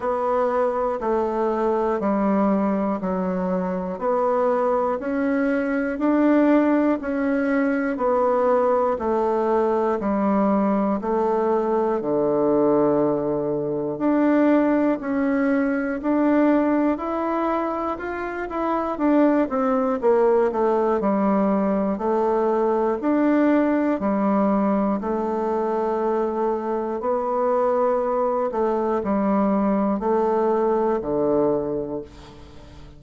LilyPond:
\new Staff \with { instrumentName = "bassoon" } { \time 4/4 \tempo 4 = 60 b4 a4 g4 fis4 | b4 cis'4 d'4 cis'4 | b4 a4 g4 a4 | d2 d'4 cis'4 |
d'4 e'4 f'8 e'8 d'8 c'8 | ais8 a8 g4 a4 d'4 | g4 a2 b4~ | b8 a8 g4 a4 d4 | }